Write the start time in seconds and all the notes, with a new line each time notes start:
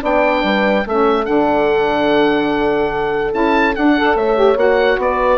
0.00 B3 D4 D5 G5
0.43 G3 B4
0.86 A3 C#4 A4 E5
1.25 D3 D4 F#5
3.32 C#4 E4 A5
3.75 D4 F#5
3.93 A4 D5
4.15 A3 C#5 E5
4.35 G4
4.56 A#3 F#4 F#5
4.97 B3 B4 D5